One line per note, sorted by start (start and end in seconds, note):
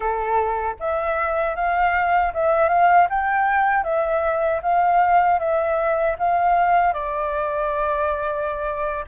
0.00 0.75 A4
0.79 1.55 E5
1.55 2.32 F5
2.33 2.69 E5
2.69 3.07 F5
3.09 3.83 G5
3.83 4.60 E5
4.62 5.39 F5
5.39 6.16 E5
6.18 6.93 F5
6.93 9.04 D5